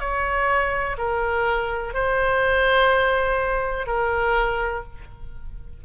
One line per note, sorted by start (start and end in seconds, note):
0.00 0.97 C#5
0.98 1.94 A#4
1.94 3.87 C5
3.87 4.83 A#4